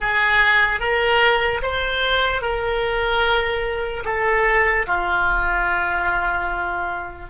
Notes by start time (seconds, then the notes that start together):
0.00 G#4
0.80 A#4
1.62 C5
2.41 A#4
4.05 A4
4.86 F4